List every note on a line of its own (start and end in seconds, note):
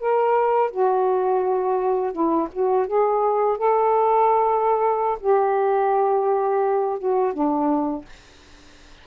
0.00 0.71 A#4
0.71 2.13 F#4
2.13 2.48 E4
2.53 2.87 F#4
2.87 3.58 G#4
3.58 5.19 A4
5.20 6.99 G4
6.99 7.34 F#4
7.34 8.05 D4